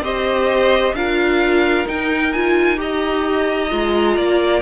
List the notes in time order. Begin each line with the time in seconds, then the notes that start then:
0.00 C4 G4 C5 D#5
0.93 D4 F4 A#4 F5
1.86 D#4 G5
2.33 F4 G#5
2.77 G4 D#5 A#5
3.70 G#3 F4
4.17 A#3 D5